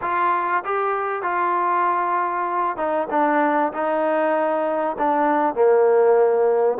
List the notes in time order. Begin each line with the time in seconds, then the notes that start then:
0.01 F4
0.65 G4
1.22 F4
2.76 D#4
3.10 D4
3.72 D#4
4.98 D4
5.54 A#3